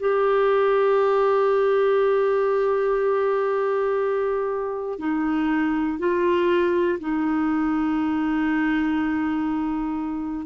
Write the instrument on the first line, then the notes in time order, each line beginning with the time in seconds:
clarinet
0.00 G4
4.99 D#4
5.99 F4
7.00 D#4